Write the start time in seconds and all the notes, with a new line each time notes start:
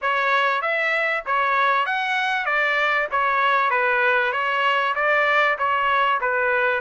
0.01 C#5
0.61 E5
1.26 C#5
1.86 F#5
2.45 D5
3.11 C#5
3.70 B4
4.32 C#5
4.95 D5
5.58 C#5
6.20 B4